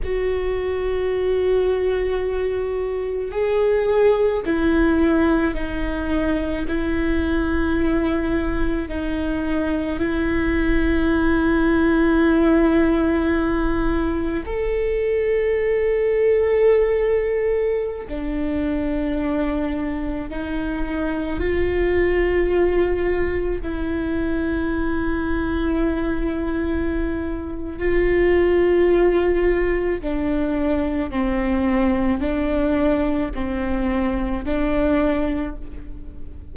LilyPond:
\new Staff \with { instrumentName = "viola" } { \time 4/4 \tempo 4 = 54 fis'2. gis'4 | e'4 dis'4 e'2 | dis'4 e'2.~ | e'4 a'2.~ |
a'16 d'2 dis'4 f'8.~ | f'4~ f'16 e'2~ e'8.~ | e'4 f'2 d'4 | c'4 d'4 c'4 d'4 | }